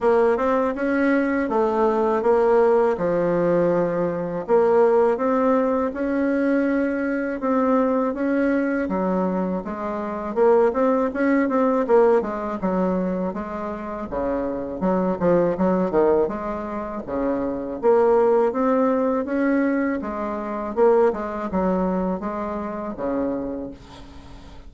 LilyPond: \new Staff \with { instrumentName = "bassoon" } { \time 4/4 \tempo 4 = 81 ais8 c'8 cis'4 a4 ais4 | f2 ais4 c'4 | cis'2 c'4 cis'4 | fis4 gis4 ais8 c'8 cis'8 c'8 |
ais8 gis8 fis4 gis4 cis4 | fis8 f8 fis8 dis8 gis4 cis4 | ais4 c'4 cis'4 gis4 | ais8 gis8 fis4 gis4 cis4 | }